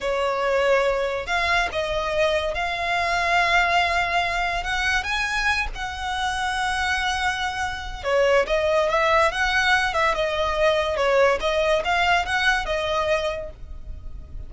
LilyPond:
\new Staff \with { instrumentName = "violin" } { \time 4/4 \tempo 4 = 142 cis''2. f''4 | dis''2 f''2~ | f''2. fis''4 | gis''4. fis''2~ fis''8~ |
fis''2. cis''4 | dis''4 e''4 fis''4. e''8 | dis''2 cis''4 dis''4 | f''4 fis''4 dis''2 | }